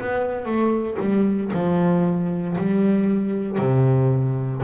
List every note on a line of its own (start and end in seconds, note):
0.00 0.46 B3
0.46 0.97 A3
1.00 1.52 G3
1.53 2.57 F3
2.58 3.58 G3
3.58 4.62 C3